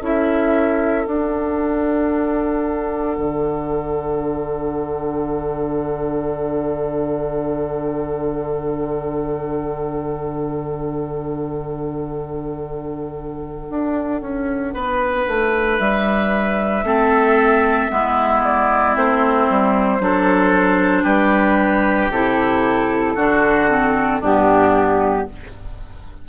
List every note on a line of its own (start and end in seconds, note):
0.00 1.06 C#4
0.00 1.08 E4
0.00 14.74 A4
0.00 1.05 E5
1.05 3.18 D4
1.05 16.86 D4
1.05 15.79 F#5
3.18 13.70 D3
13.70 14.22 D4
14.22 14.74 C#4
14.75 15.27 B3
14.75 16.85 B4
15.27 15.80 A3
15.79 16.84 G3
15.79 18.42 E5
16.84 17.89 A3
16.84 17.90 C4
16.84 17.91 A4
17.90 18.96 G#3
17.90 18.95 B3
17.90 20.02 E4
18.44 18.97 D5
18.95 19.49 A3
18.95 20.00 C4
18.95 21.05 C5
19.50 20.00 G3
20.00 21.05 F#3
20.00 22.11 D4
20.00 21.04 A4
21.04 22.10 G3
21.04 23.14 G4
21.04 22.10 B4
22.11 23.16 C3
22.11 23.17 E4
22.11 24.22 A4
23.16 24.21 D3
23.16 23.70 D4
23.16 24.20 F#4
23.70 24.22 C4
24.20 25.28 G2
24.20 25.29 B3
24.20 25.26 D4
24.20 25.29 G4